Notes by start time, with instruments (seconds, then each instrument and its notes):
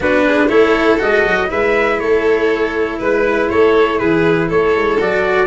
0.00 tuba B3, cello D4, violin F#4, trumpet B4
0.26 violin G#4
0.48 tuba A3, cello E4, violin A4, trumpet C#5
0.98 tuba G#3, cello F#4, trumpet D#5
1.25 tuba F#3
1.47 tuba G#3, cello E4, violin B4, trumpet E5
1.99 tuba A3, violin A4, trumpet C#5
2.99 tuba G#3, violin B4, trumpet B4
3.49 tuba A3, violin A4, trumpet C#5
3.98 tuba E3, violin G#4, trumpet B4
4.48 tuba A3, violin A4, trumpet C#5
4.76 tuba G#3
5.00 tuba F#3, cello F#4, trumpet D5